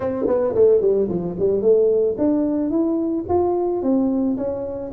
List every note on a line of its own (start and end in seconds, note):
0.00 0.26 C4
0.27 0.54 B3
0.54 0.81 A3
0.81 1.08 G3
1.09 1.36 F3
1.39 1.61 G3
1.61 2.15 A3
2.17 2.70 D4
2.70 3.24 E4
3.29 3.82 F4
3.82 4.36 C4
4.37 4.91 C#4